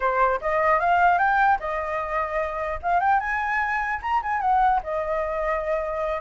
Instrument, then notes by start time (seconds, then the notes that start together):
flute
0.00 C5
0.41 D#5
0.79 F5
1.18 G5
1.59 D#5
2.82 F5
3.00 G5
3.20 G#5
4.02 A#5
4.22 G#5
4.40 F#5
4.83 D#5